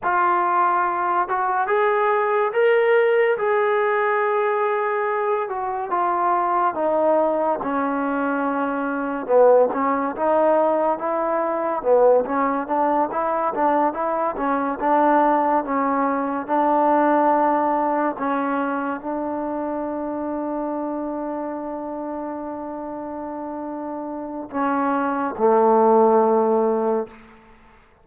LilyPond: \new Staff \with { instrumentName = "trombone" } { \time 4/4 \tempo 4 = 71 f'4. fis'8 gis'4 ais'4 | gis'2~ gis'8 fis'8 f'4 | dis'4 cis'2 b8 cis'8 | dis'4 e'4 b8 cis'8 d'8 e'8 |
d'8 e'8 cis'8 d'4 cis'4 d'8~ | d'4. cis'4 d'4.~ | d'1~ | d'4 cis'4 a2 | }